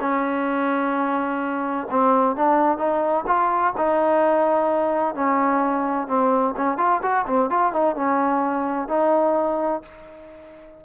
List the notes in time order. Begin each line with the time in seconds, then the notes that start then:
0.00 C#4
1.90 C4
2.36 D4
2.77 D#4
3.27 F4
3.77 D#4
5.15 C#4
6.07 C4
6.57 C#4
6.78 F4
7.02 F#4
7.27 C4
7.50 F4
7.73 D#4
7.95 C#4
8.88 D#4